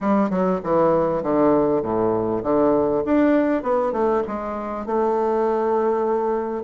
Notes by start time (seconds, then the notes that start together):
0.01 G3
0.29 F#3
0.63 E3
1.22 D3
1.82 A2
2.43 D3
3.05 D4
3.62 B3
3.92 A3
4.27 G#3
4.85 A3